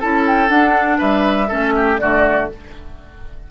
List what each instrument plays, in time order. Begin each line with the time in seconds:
0.00 bassoon C#4, clarinet E4, oboe A4, flute A5
0.27 flute G5
0.48 clarinet D4, bassoon D4, flute F#5
0.98 bassoon G3, oboe B4, flute E5
1.48 bassoon A3, clarinet C#4, oboe A4
1.75 oboe G4
1.98 bassoon D3, clarinet A3, oboe F#4, flute D5